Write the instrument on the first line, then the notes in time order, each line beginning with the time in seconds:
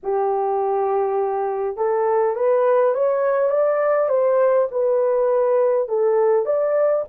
horn
0.03 G4
1.76 A4
2.35 B4
2.94 C#5
3.50 D5
4.09 C5
4.71 B4
5.88 A4
6.45 D5